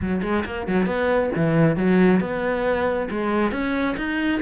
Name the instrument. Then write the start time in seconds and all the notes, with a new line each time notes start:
cello
0.01 F#3
0.22 G#3
0.45 A#3
0.67 F#3
0.86 B3
1.35 E3
1.76 F#3
2.20 B3
3.10 G#3
3.51 C#4
3.97 D#4